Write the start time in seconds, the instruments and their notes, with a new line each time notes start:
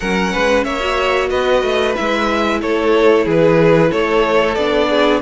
0.00 cello F#3, viola C#4, violin A#4 F#5
0.32 cello G#3, violin B4
0.64 cello A#3, violin C#5 E5
0.80 viola F#4
1.29 cello B3, violin B4 D#5
1.62 cello A3
1.94 cello G#3, viola E4, violin E5
2.61 cello A3, violin A4 C#5
3.24 cello E3, violin G#4 B4
3.90 cello A3, violin A4 C#5
4.54 cello B3, viola D4, violin D5
4.89 violin G#4